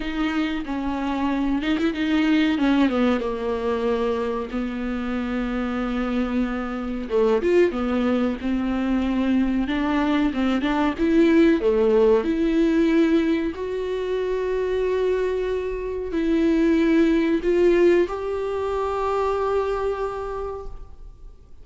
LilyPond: \new Staff \with { instrumentName = "viola" } { \time 4/4 \tempo 4 = 93 dis'4 cis'4. dis'16 e'16 dis'4 | cis'8 b8 ais2 b4~ | b2. a8 f'8 | b4 c'2 d'4 |
c'8 d'8 e'4 a4 e'4~ | e'4 fis'2.~ | fis'4 e'2 f'4 | g'1 | }